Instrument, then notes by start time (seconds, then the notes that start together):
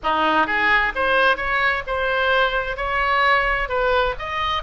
oboe
0.03 D#4
0.46 G#4
0.95 C5
1.36 C#5
1.86 C5
2.77 C#5
3.68 B4
4.18 D#5